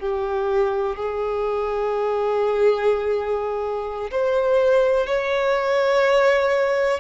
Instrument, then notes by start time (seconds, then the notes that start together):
violin
0.00 G4
0.96 G#4
4.11 C5
5.07 C#5